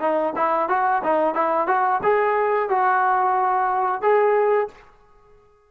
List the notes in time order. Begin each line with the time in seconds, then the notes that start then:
0.00 D#4
0.36 E4
0.69 F#4
1.03 D#4
1.35 E4
1.67 F#4
2.03 G#4
2.69 F#4
4.02 G#4